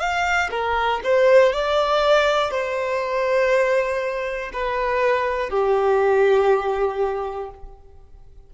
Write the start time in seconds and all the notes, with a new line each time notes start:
0.00 F5
0.50 A#4
1.04 C5
1.52 D5
2.51 C5
4.53 B4
5.50 G4